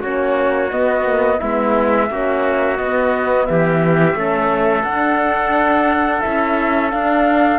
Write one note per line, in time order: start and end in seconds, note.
0.00 0.72 A#3
0.00 0.70 C#4
0.00 1.38 F#4
0.00 0.71 C#5
0.71 1.04 B3
0.71 1.41 B3
0.71 1.40 D#5
1.04 1.39 A#3
1.39 2.10 G#3
1.39 2.10 B3
1.39 2.08 E4
1.39 2.77 E5
2.10 2.79 A#3
2.10 2.77 C#4
2.10 3.48 F#4
2.77 4.14 B3
2.77 3.48 B3
2.77 3.46 D#5
3.46 4.15 E3
3.46 4.18 G4
3.46 4.83 E5
4.14 4.83 A3
4.14 4.83 C#4
4.14 7.59 A4
4.83 6.21 D4
4.83 6.23 D4
4.83 6.21 F#5
6.21 6.93 C#4
6.21 6.90 E4
6.21 6.90 E5
6.90 7.59 D4
6.90 7.59 F5